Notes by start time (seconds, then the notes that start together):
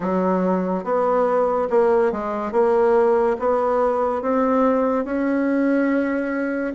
0.00 F#3
0.83 B3
1.70 A#3
2.12 G#3
2.52 A#3
3.39 B3
4.22 C4
5.04 C#4